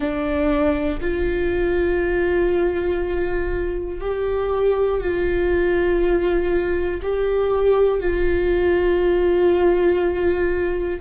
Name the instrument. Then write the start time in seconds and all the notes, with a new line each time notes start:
viola
0.00 D4
1.00 F4
4.00 G4
5.00 F4
7.02 G4
8.00 F4